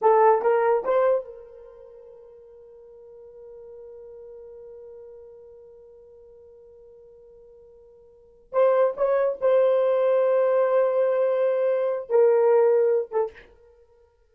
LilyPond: \new Staff \with { instrumentName = "horn" } { \time 4/4 \tempo 4 = 144 a'4 ais'4 c''4 ais'4~ | ais'1~ | ais'1~ | ais'1~ |
ais'1~ | ais'8 c''4 cis''4 c''4.~ | c''1~ | c''4 ais'2~ ais'8 a'8 | }